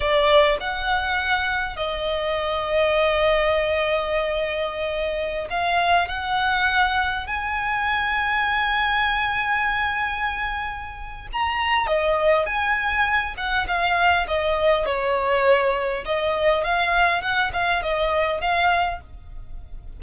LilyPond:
\new Staff \with { instrumentName = "violin" } { \time 4/4 \tempo 4 = 101 d''4 fis''2 dis''4~ | dis''1~ | dis''4~ dis''16 f''4 fis''4.~ fis''16~ | fis''16 gis''2.~ gis''8.~ |
gis''2. ais''4 | dis''4 gis''4. fis''8 f''4 | dis''4 cis''2 dis''4 | f''4 fis''8 f''8 dis''4 f''4 | }